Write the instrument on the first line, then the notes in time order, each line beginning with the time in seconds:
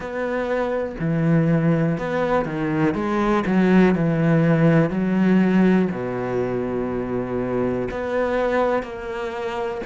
cello
0.00 B3
0.99 E3
1.98 B3
2.45 D#3
2.94 G#3
3.46 F#3
3.94 E3
4.90 F#3
5.91 B2
7.90 B3
8.83 A#3